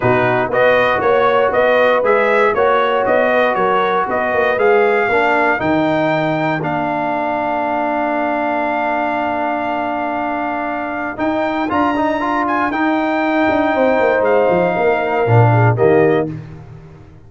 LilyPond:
<<
  \new Staff \with { instrumentName = "trumpet" } { \time 4/4 \tempo 4 = 118 b'4 dis''4 cis''4 dis''4 | e''4 cis''4 dis''4 cis''4 | dis''4 f''2 g''4~ | g''4 f''2.~ |
f''1~ | f''2 g''4 ais''4~ | ais''8 gis''8 g''2. | f''2. dis''4 | }
  \new Staff \with { instrumentName = "horn" } { \time 4/4 fis'4 b'4 cis''4 b'4~ | b'4 cis''4. b'8 ais'4 | b'2 ais'2~ | ais'1~ |
ais'1~ | ais'1~ | ais'2. c''4~ | c''4 ais'4. gis'8 g'4 | }
  \new Staff \with { instrumentName = "trombone" } { \time 4/4 dis'4 fis'2. | gis'4 fis'2.~ | fis'4 gis'4 d'4 dis'4~ | dis'4 d'2.~ |
d'1~ | d'2 dis'4 f'8 dis'8 | f'4 dis'2.~ | dis'2 d'4 ais4 | }
  \new Staff \with { instrumentName = "tuba" } { \time 4/4 b,4 b4 ais4 b4 | gis4 ais4 b4 fis4 | b8 ais8 gis4 ais4 dis4~ | dis4 ais2.~ |
ais1~ | ais2 dis'4 d'4~ | d'4 dis'4. d'8 c'8 ais8 | gis8 f8 ais4 ais,4 dis4 | }
>>